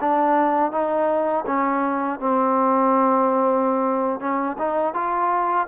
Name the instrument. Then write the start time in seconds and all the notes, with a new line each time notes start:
trombone
0.00 D4
0.72 D#4
1.46 C#4
2.20 C4
4.20 C#4
4.58 D#4
4.94 F4